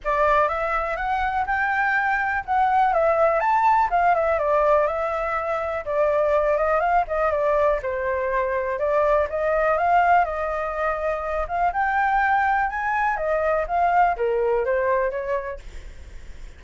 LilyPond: \new Staff \with { instrumentName = "flute" } { \time 4/4 \tempo 4 = 123 d''4 e''4 fis''4 g''4~ | g''4 fis''4 e''4 a''4 | f''8 e''8 d''4 e''2 | d''4. dis''8 f''8 dis''8 d''4 |
c''2 d''4 dis''4 | f''4 dis''2~ dis''8 f''8 | g''2 gis''4 dis''4 | f''4 ais'4 c''4 cis''4 | }